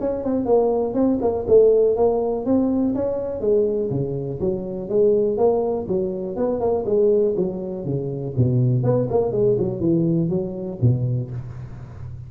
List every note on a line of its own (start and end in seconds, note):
0.00 0.24 C#4
0.24 0.45 C4
0.45 0.94 A#3
0.94 1.18 C4
1.21 1.46 A#3
1.47 1.96 A3
1.96 2.45 A#3
2.45 2.94 C4
2.95 3.40 C#4
3.40 3.89 G#3
3.90 4.39 C#3
4.40 4.89 F#3
4.89 5.37 G#3
5.37 5.86 A#3
5.88 6.36 F#3
6.36 6.60 B3
6.60 6.84 A#3
6.86 7.35 G#3
7.36 7.85 F#3
7.85 8.34 C#3
8.37 8.83 B2
8.83 9.08 B3
9.09 9.32 A#3
9.32 9.56 G#3
9.58 9.80 F#3
9.80 10.29 E3
10.29 10.78 F#3
10.81 11.30 B2